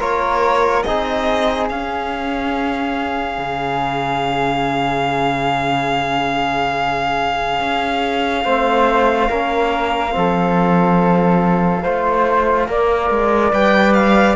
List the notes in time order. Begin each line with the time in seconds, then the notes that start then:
0.00 A#3 F4 A#4 C#5
0.84 C4 D#4 G#4 D#5
1.70 C#4 F5
3.38 C#3
7.60 C#4
8.45 A3 C4 C5
9.29 A#3 C#4 A#4
10.11 F3 C4
10.18 A4
11.83 A3 F4 C5
12.68 A#3 A#4 D5
13.11 G#3
13.52 G3 B4 G5
13.94 F5